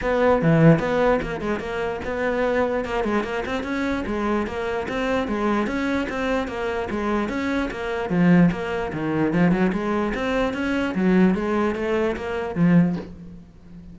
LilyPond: \new Staff \with { instrumentName = "cello" } { \time 4/4 \tempo 4 = 148 b4 e4 b4 ais8 gis8 | ais4 b2 ais8 gis8 | ais8 c'8 cis'4 gis4 ais4 | c'4 gis4 cis'4 c'4 |
ais4 gis4 cis'4 ais4 | f4 ais4 dis4 f8 fis8 | gis4 c'4 cis'4 fis4 | gis4 a4 ais4 f4 | }